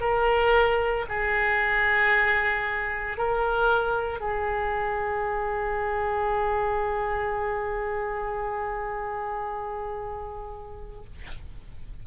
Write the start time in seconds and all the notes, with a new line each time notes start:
0.00 A#4
1.09 G#4
3.17 A#4
4.20 G#4